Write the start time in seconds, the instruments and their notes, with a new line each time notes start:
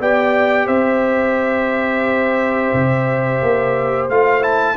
0.00 tuba B3, trombone G4, horn D5, trumpet G5
0.67 tuba C4, horn C5, trumpet E5
2.74 tuba C3
3.42 tuba A#3
4.10 tuba A3, trombone F4, trumpet F5
4.41 trombone E4, trumpet A5